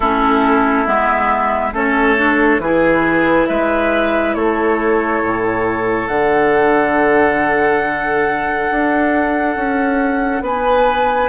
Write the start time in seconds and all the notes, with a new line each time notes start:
0.00 A3 C#4 E4 A4
0.86 G#3 B3 E5
1.72 A3 C#4 A4 C#5
2.17 D4
2.58 E3 E4 G#4 B4
3.47 G#3 B4 E5
4.34 A3 A4 C#5
5.23 A2
6.07 D3 D4 F#5
8.70 D4
9.55 C#4
10.41 B3 B4 G#5